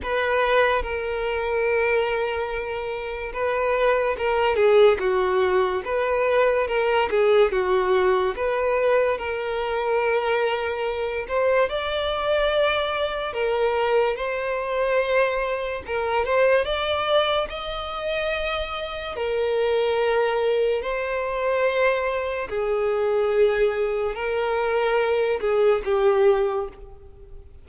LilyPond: \new Staff \with { instrumentName = "violin" } { \time 4/4 \tempo 4 = 72 b'4 ais'2. | b'4 ais'8 gis'8 fis'4 b'4 | ais'8 gis'8 fis'4 b'4 ais'4~ | ais'4. c''8 d''2 |
ais'4 c''2 ais'8 c''8 | d''4 dis''2 ais'4~ | ais'4 c''2 gis'4~ | gis'4 ais'4. gis'8 g'4 | }